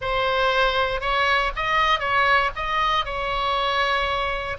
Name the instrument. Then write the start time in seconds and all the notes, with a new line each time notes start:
oboe
0.01 C5
1.00 C#5
1.56 D#5
1.99 C#5
2.55 D#5
3.05 C#5